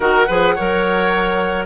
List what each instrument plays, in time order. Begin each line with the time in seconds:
0.00 bassoon D#3, clarinet F#4, oboe A#4, flute F#5
0.27 bassoon F3, clarinet G#4, oboe B4
0.55 bassoon F#3, clarinet A#4, oboe C#5